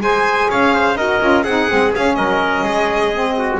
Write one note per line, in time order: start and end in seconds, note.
0.00 0.48 G#3
0.00 0.96 G#4
0.00 0.49 C5
0.00 0.50 G#5
0.49 0.95 C#4
0.49 0.73 C#5
0.49 0.97 F5
0.74 0.97 C5
0.95 1.19 D#4
0.95 1.20 F#4
0.95 1.44 A#4
0.95 1.43 D#5
1.20 1.44 C#4
1.20 1.44 F4
1.43 1.68 C4
1.43 1.68 D#4
1.43 2.16 G#4
1.43 1.91 F#5
1.68 1.95 G#3
1.68 1.92 C4
1.93 3.13 C#4
1.93 2.17 C#4
1.93 2.15 F5
2.15 2.63 F#3
2.15 2.64 A#4
2.15 3.59 D#5
2.63 3.59 G#3
2.63 3.36 G#4
3.13 3.59 C4
3.38 3.59 F#4